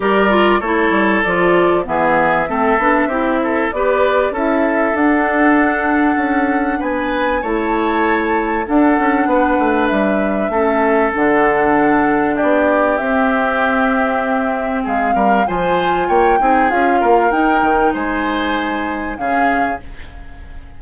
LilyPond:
<<
  \new Staff \with { instrumentName = "flute" } { \time 4/4 \tempo 4 = 97 d''4 cis''4 d''4 e''4~ | e''2 d''4 e''4 | fis''2. gis''4 | a''2 fis''2 |
e''2 fis''2 | d''4 e''2. | f''4 gis''4 g''4 f''4 | g''4 gis''2 f''4 | }
  \new Staff \with { instrumentName = "oboe" } { \time 4/4 ais'4 a'2 gis'4 | a'4 g'8 a'8 b'4 a'4~ | a'2. b'4 | cis''2 a'4 b'4~ |
b'4 a'2. | g'1 | gis'8 ais'8 c''4 cis''8 gis'4 ais'8~ | ais'4 c''2 gis'4 | }
  \new Staff \with { instrumentName = "clarinet" } { \time 4/4 g'8 f'8 e'4 f'4 b4 | c'8 d'8 e'4 g'4 e'4 | d'1 | e'2 d'2~ |
d'4 cis'4 d'2~ | d'4 c'2.~ | c'4 f'4. dis'8 f'4 | dis'2. cis'4 | }
  \new Staff \with { instrumentName = "bassoon" } { \time 4/4 g4 a8 g8 f4 e4 | a8 b8 c'4 b4 cis'4 | d'2 cis'4 b4 | a2 d'8 cis'8 b8 a8 |
g4 a4 d2 | b4 c'2. | gis8 g8 f4 ais8 c'8 cis'8 ais8 | dis'8 dis8 gis2 cis4 | }
>>